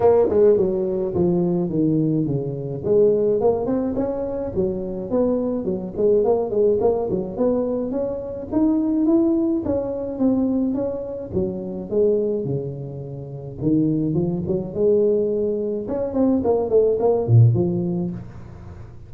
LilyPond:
\new Staff \with { instrumentName = "tuba" } { \time 4/4 \tempo 4 = 106 ais8 gis8 fis4 f4 dis4 | cis4 gis4 ais8 c'8 cis'4 | fis4 b4 fis8 gis8 ais8 gis8 | ais8 fis8 b4 cis'4 dis'4 |
e'4 cis'4 c'4 cis'4 | fis4 gis4 cis2 | dis4 f8 fis8 gis2 | cis'8 c'8 ais8 a8 ais8 ais,8 f4 | }